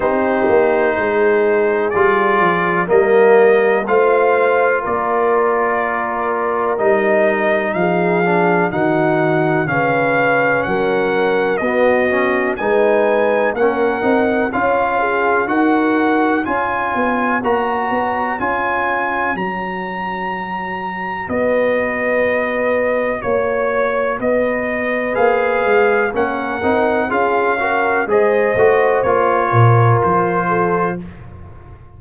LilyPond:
<<
  \new Staff \with { instrumentName = "trumpet" } { \time 4/4 \tempo 4 = 62 c''2 d''4 dis''4 | f''4 d''2 dis''4 | f''4 fis''4 f''4 fis''4 | dis''4 gis''4 fis''4 f''4 |
fis''4 gis''4 ais''4 gis''4 | ais''2 dis''2 | cis''4 dis''4 f''4 fis''4 | f''4 dis''4 cis''4 c''4 | }
  \new Staff \with { instrumentName = "horn" } { \time 4/4 g'4 gis'2 ais'4 | c''4 ais'2. | gis'4 fis'4 b'4 ais'4 | fis'4 b'4 ais'4 cis''8 gis'8 |
ais'4 cis''2.~ | cis''2 b'2 | cis''4 b'2 ais'4 | gis'8 ais'8 c''4. ais'4 a'8 | }
  \new Staff \with { instrumentName = "trombone" } { \time 4/4 dis'2 f'4 ais4 | f'2. dis'4~ | dis'8 d'8 dis'4 cis'2 | b8 cis'8 dis'4 cis'8 dis'8 f'4 |
fis'4 f'4 fis'4 f'4 | fis'1~ | fis'2 gis'4 cis'8 dis'8 | f'8 fis'8 gis'8 fis'8 f'2 | }
  \new Staff \with { instrumentName = "tuba" } { \time 4/4 c'8 ais8 gis4 g8 f8 g4 | a4 ais2 g4 | f4 dis4 cis4 fis4 | b4 gis4 ais8 c'8 cis'4 |
dis'4 cis'8 b8 ais8 b8 cis'4 | fis2 b2 | ais4 b4 ais8 gis8 ais8 c'8 | cis'4 gis8 a8 ais8 ais,8 f4 | }
>>